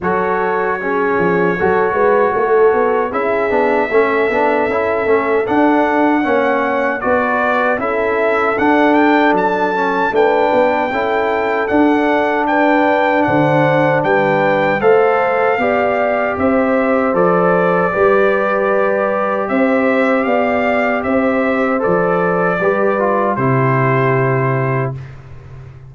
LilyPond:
<<
  \new Staff \with { instrumentName = "trumpet" } { \time 4/4 \tempo 4 = 77 cis''1 | e''2. fis''4~ | fis''4 d''4 e''4 fis''8 g''8 | a''4 g''2 fis''4 |
g''4 fis''4 g''4 f''4~ | f''4 e''4 d''2~ | d''4 e''4 f''4 e''4 | d''2 c''2 | }
  \new Staff \with { instrumentName = "horn" } { \time 4/4 a'4 gis'4 a'8 b'8 a'4 | gis'4 a'2. | cis''4 b'4 a'2~ | a'4 b'4 a'2 |
b'4 c''4 b'4 c''4 | d''4 c''2 b'4~ | b'4 c''4 d''4 c''4~ | c''4 b'4 g'2 | }
  \new Staff \with { instrumentName = "trombone" } { \time 4/4 fis'4 cis'4 fis'2 | e'8 d'8 cis'8 d'8 e'8 cis'8 d'4 | cis'4 fis'4 e'4 d'4~ | d'8 cis'8 d'4 e'4 d'4~ |
d'2. a'4 | g'2 a'4 g'4~ | g'1 | a'4 g'8 f'8 e'2 | }
  \new Staff \with { instrumentName = "tuba" } { \time 4/4 fis4. f8 fis8 gis8 a8 b8 | cis'8 b8 a8 b8 cis'8 a8 d'4 | ais4 b4 cis'4 d'4 | fis4 a8 b8 cis'4 d'4~ |
d'4 d4 g4 a4 | b4 c'4 f4 g4~ | g4 c'4 b4 c'4 | f4 g4 c2 | }
>>